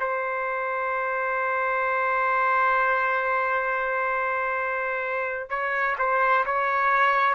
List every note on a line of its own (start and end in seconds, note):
0.00 5.50 C5
5.50 5.96 C#5
5.99 6.45 C5
6.46 7.35 C#5